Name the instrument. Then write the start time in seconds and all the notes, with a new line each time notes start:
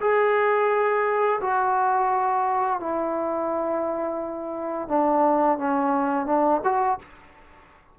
trombone
0.00 G#4
1.40 F#4
2.80 E4
4.88 D4
5.58 C#4
6.26 D4
6.64 F#4